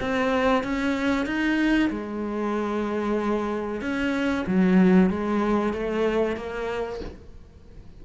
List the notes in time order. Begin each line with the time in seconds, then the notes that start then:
0.00 C4
0.63 C#4
1.26 D#4
1.90 G#3
3.81 C#4
4.47 F#3
5.09 G#3
5.73 A3
6.36 A#3